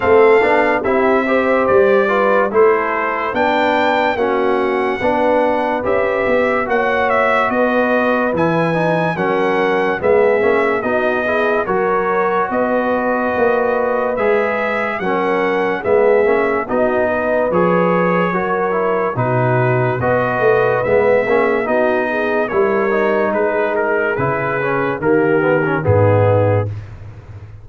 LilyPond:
<<
  \new Staff \with { instrumentName = "trumpet" } { \time 4/4 \tempo 4 = 72 f''4 e''4 d''4 c''4 | g''4 fis''2 e''4 | fis''8 e''8 dis''4 gis''4 fis''4 | e''4 dis''4 cis''4 dis''4~ |
dis''4 e''4 fis''4 e''4 | dis''4 cis''2 b'4 | dis''4 e''4 dis''4 cis''4 | b'8 ais'8 b'4 ais'4 gis'4 | }
  \new Staff \with { instrumentName = "horn" } { \time 4/4 a'4 g'8 c''4 b'8 a'4 | b'4 fis'4 b'2 | cis''4 b'2 ais'4 | gis'4 fis'8 gis'8 ais'4 b'4~ |
b'2 ais'4 gis'4 | fis'8 b'4. ais'4 fis'4 | b'4. gis'8 fis'8 gis'8 ais'4 | gis'2 g'4 dis'4 | }
  \new Staff \with { instrumentName = "trombone" } { \time 4/4 c'8 d'8 e'8 g'4 f'8 e'4 | d'4 cis'4 d'4 g'4 | fis'2 e'8 dis'8 cis'4 | b8 cis'8 dis'8 e'8 fis'2~ |
fis'4 gis'4 cis'4 b8 cis'8 | dis'4 gis'4 fis'8 e'8 dis'4 | fis'4 b8 cis'8 dis'4 e'8 dis'8~ | dis'4 e'8 cis'8 ais8 b16 cis'16 b4 | }
  \new Staff \with { instrumentName = "tuba" } { \time 4/4 a8 b8 c'4 g4 a4 | b4 ais4 b4 cis'8 b8 | ais4 b4 e4 fis4 | gis8 ais8 b4 fis4 b4 |
ais4 gis4 fis4 gis8 ais8 | b4 f4 fis4 b,4 | b8 a8 gis8 ais8 b4 g4 | gis4 cis4 dis4 gis,4 | }
>>